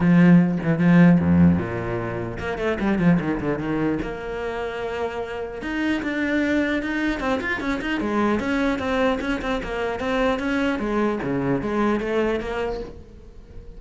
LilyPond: \new Staff \with { instrumentName = "cello" } { \time 4/4 \tempo 4 = 150 f4. e8 f4 f,4 | ais,2 ais8 a8 g8 f8 | dis8 d8 dis4 ais2~ | ais2 dis'4 d'4~ |
d'4 dis'4 c'8 f'8 cis'8 dis'8 | gis4 cis'4 c'4 cis'8 c'8 | ais4 c'4 cis'4 gis4 | cis4 gis4 a4 ais4 | }